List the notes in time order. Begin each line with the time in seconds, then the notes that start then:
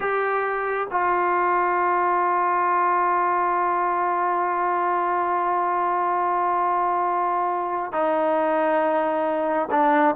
0.00 G4
0.90 F4
7.92 D#4
9.71 D4